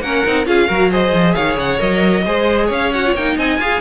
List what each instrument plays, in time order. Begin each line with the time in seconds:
0.00 cello A#3, viola C#4, violin A#4 F#5
0.26 cello C4, viola D#4
0.46 cello C#4, viola F4, violin G#4 F5
0.68 cello F#3, viola F#4, violin A#4
0.91 viola G#4, violin C5 D#5
1.12 cello F3
1.34 cello D#3, violin C#5 F5
1.57 cello C#3, violin F#5
1.78 cello F#3, viola A#4, violin D#5
2.26 cello G#3, viola G#4, violin C5
2.66 cello C#4, violin C#5 F5
2.92 viola F#4, violin F#5
3.05 viola F4
3.14 cello A#3, viola D#4, violin G5
3.37 cello C4, violin D#5 G#5
3.58 cello F4, viola G#4, violin F5